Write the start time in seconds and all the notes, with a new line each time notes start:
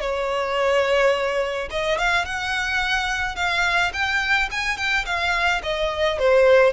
0.00 C#5
1.70 D#5
1.98 F5
2.25 F#5
3.35 F5
3.93 G5
4.51 G#5
4.77 G5
5.05 F5
5.63 D#5
6.18 C5